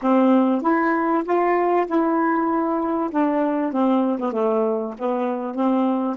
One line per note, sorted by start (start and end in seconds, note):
0.02 0.61 C4
0.61 1.23 E4
1.24 1.86 F4
1.86 3.10 E4
3.10 3.72 D4
3.72 4.18 C4
4.19 4.32 B3
4.32 4.94 A3
4.98 5.54 B3
5.54 6.16 C4